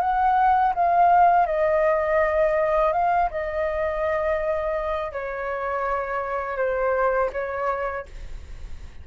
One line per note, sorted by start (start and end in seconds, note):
0.00 0.73 F#5
0.75 1.46 F5
1.46 2.93 D#5
2.93 3.29 F5
3.31 5.12 D#5
5.12 6.57 C#5
6.57 7.30 C5
7.32 8.06 C#5